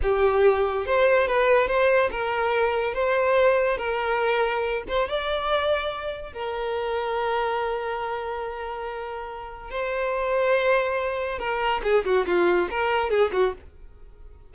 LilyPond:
\new Staff \with { instrumentName = "violin" } { \time 4/4 \tempo 4 = 142 g'2 c''4 b'4 | c''4 ais'2 c''4~ | c''4 ais'2~ ais'8 c''8 | d''2. ais'4~ |
ais'1~ | ais'2. c''4~ | c''2. ais'4 | gis'8 fis'8 f'4 ais'4 gis'8 fis'8 | }